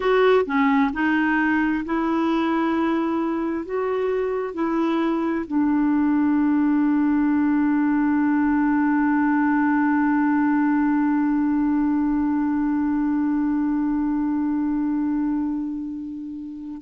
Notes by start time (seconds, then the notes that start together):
0.00 F#4
0.45 C#4
0.93 D#4
1.85 E4
3.65 F#4
4.54 E4
5.47 D4